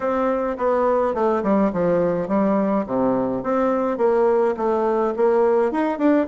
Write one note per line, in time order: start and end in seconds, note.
0.00 0.57 C4
0.57 1.14 B3
1.14 1.42 A3
1.43 1.71 G3
1.72 2.28 F3
2.28 2.85 G3
2.86 3.43 C3
3.43 3.97 C4
3.97 4.54 A#3
4.57 5.14 A3
5.16 5.71 A#3
5.71 5.98 D#4
5.98 6.26 D4